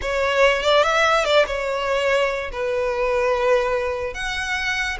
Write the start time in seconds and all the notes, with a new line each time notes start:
0.01 C#5
0.62 D5
0.83 E5
1.24 D5
1.46 C#5
2.52 B4
4.14 F#5